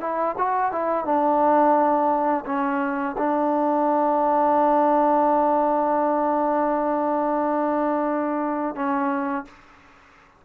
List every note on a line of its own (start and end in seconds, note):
0.00 0.35 E4
0.38 0.72 F#4
0.72 1.05 E4
1.05 2.45 D4
2.46 3.16 C#4
3.18 8.75 D4
8.75 9.45 C#4